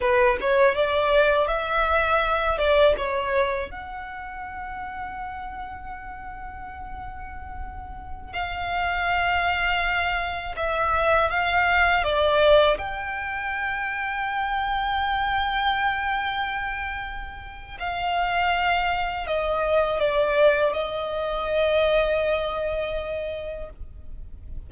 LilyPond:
\new Staff \with { instrumentName = "violin" } { \time 4/4 \tempo 4 = 81 b'8 cis''8 d''4 e''4. d''8 | cis''4 fis''2.~ | fis''2.~ fis''16 f''8.~ | f''2~ f''16 e''4 f''8.~ |
f''16 d''4 g''2~ g''8.~ | g''1 | f''2 dis''4 d''4 | dis''1 | }